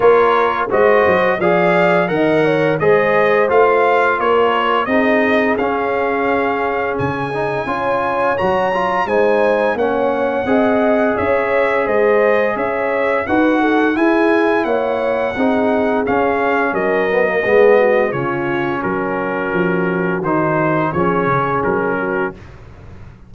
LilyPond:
<<
  \new Staff \with { instrumentName = "trumpet" } { \time 4/4 \tempo 4 = 86 cis''4 dis''4 f''4 fis''4 | dis''4 f''4 cis''4 dis''4 | f''2 gis''2 | ais''4 gis''4 fis''2 |
e''4 dis''4 e''4 fis''4 | gis''4 fis''2 f''4 | dis''2 cis''4 ais'4~ | ais'4 c''4 cis''4 ais'4 | }
  \new Staff \with { instrumentName = "horn" } { \time 4/4 ais'4 c''4 d''4 dis''8 cis''8 | c''2 ais'4 gis'4~ | gis'2. cis''4~ | cis''4 c''4 cis''4 dis''4 |
cis''4 c''4 cis''4 b'8 a'8 | gis'4 cis''4 gis'2 | ais'4 gis'8 fis'8 f'4 fis'4~ | fis'2 gis'4. fis'8 | }
  \new Staff \with { instrumentName = "trombone" } { \time 4/4 f'4 fis'4 gis'4 ais'4 | gis'4 f'2 dis'4 | cis'2~ cis'8 dis'8 f'4 | fis'8 f'8 dis'4 cis'4 gis'4~ |
gis'2. fis'4 | e'2 dis'4 cis'4~ | cis'8 b16 ais16 b4 cis'2~ | cis'4 dis'4 cis'2 | }
  \new Staff \with { instrumentName = "tuba" } { \time 4/4 ais4 gis8 fis8 f4 dis4 | gis4 a4 ais4 c'4 | cis'2 cis4 cis'4 | fis4 gis4 ais4 c'4 |
cis'4 gis4 cis'4 dis'4 | e'4 ais4 c'4 cis'4 | fis4 gis4 cis4 fis4 | f4 dis4 f8 cis8 fis4 | }
>>